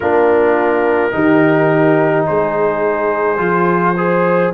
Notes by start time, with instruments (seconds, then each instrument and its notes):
0.00 tuba A#3, trombone D4, horn F4, trumpet A#4
1.11 tuba D#3, trombone D#4, horn G4
2.26 tuba G#3, horn G#4, trumpet C5
3.37 tuba F3, trombone F4
3.97 trombone G#4, horn C5